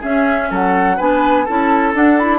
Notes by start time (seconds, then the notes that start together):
0.00 C#4 G#4 E5
0.50 F#3 A4 F#5
0.97 B3 D4 B4 G#5
1.45 C#4 E4 A4 A5
1.94 D4 F#5
2.18 E4 B5